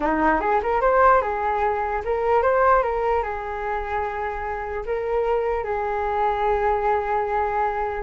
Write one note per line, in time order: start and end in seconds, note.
0.00 0.40 D#4
0.40 0.60 G#4
0.62 0.81 A#4
0.81 1.21 C5
1.21 2.02 G#4
2.04 2.42 A#4
2.42 2.82 C5
2.83 3.23 A#4
3.23 4.84 G#4
4.85 5.64 A#4
5.64 8.03 G#4